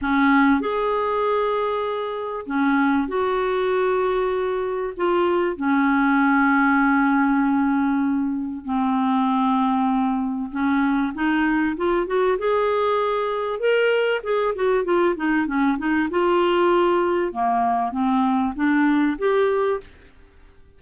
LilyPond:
\new Staff \with { instrumentName = "clarinet" } { \time 4/4 \tempo 4 = 97 cis'4 gis'2. | cis'4 fis'2. | f'4 cis'2.~ | cis'2 c'2~ |
c'4 cis'4 dis'4 f'8 fis'8 | gis'2 ais'4 gis'8 fis'8 | f'8 dis'8 cis'8 dis'8 f'2 | ais4 c'4 d'4 g'4 | }